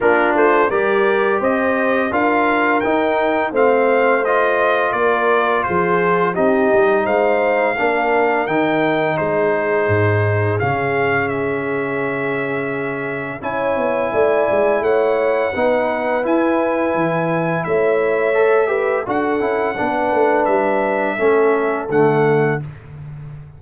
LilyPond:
<<
  \new Staff \with { instrumentName = "trumpet" } { \time 4/4 \tempo 4 = 85 ais'8 c''8 d''4 dis''4 f''4 | g''4 f''4 dis''4 d''4 | c''4 dis''4 f''2 | g''4 c''2 f''4 |
e''2. gis''4~ | gis''4 fis''2 gis''4~ | gis''4 e''2 fis''4~ | fis''4 e''2 fis''4 | }
  \new Staff \with { instrumentName = "horn" } { \time 4/4 f'4 ais'4 c''4 ais'4~ | ais'4 c''2 ais'4 | gis'4 g'4 c''4 ais'4~ | ais'4 gis'2.~ |
gis'2. cis''4 | d''4 cis''4 b'2~ | b'4 cis''4. b'8 a'4 | b'2 a'2 | }
  \new Staff \with { instrumentName = "trombone" } { \time 4/4 d'4 g'2 f'4 | dis'4 c'4 f'2~ | f'4 dis'2 d'4 | dis'2. cis'4~ |
cis'2. e'4~ | e'2 dis'4 e'4~ | e'2 a'8 g'8 fis'8 e'8 | d'2 cis'4 a4 | }
  \new Staff \with { instrumentName = "tuba" } { \time 4/4 ais8 a8 g4 c'4 d'4 | dis'4 a2 ais4 | f4 c'8 g8 gis4 ais4 | dis4 gis4 gis,4 cis4~ |
cis2. cis'8 b8 | a8 gis8 a4 b4 e'4 | e4 a2 d'8 cis'8 | b8 a8 g4 a4 d4 | }
>>